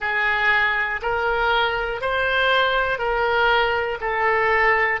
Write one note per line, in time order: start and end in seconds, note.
0.00 1.00 G#4
1.02 2.00 A#4
2.00 2.98 C5
2.98 3.98 A#4
4.00 5.00 A4